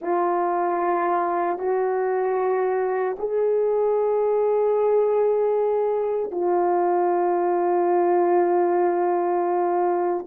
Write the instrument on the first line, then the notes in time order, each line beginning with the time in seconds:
horn
0.01 F4
1.58 F#4
3.19 G#4
6.31 F4